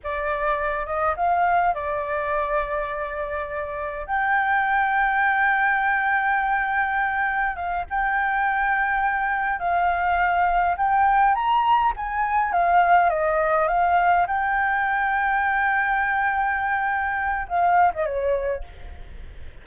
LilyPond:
\new Staff \with { instrumentName = "flute" } { \time 4/4 \tempo 4 = 103 d''4. dis''8 f''4 d''4~ | d''2. g''4~ | g''1~ | g''4 f''8 g''2~ g''8~ |
g''8 f''2 g''4 ais''8~ | ais''8 gis''4 f''4 dis''4 f''8~ | f''8 g''2.~ g''8~ | g''2 f''8. dis''16 cis''4 | }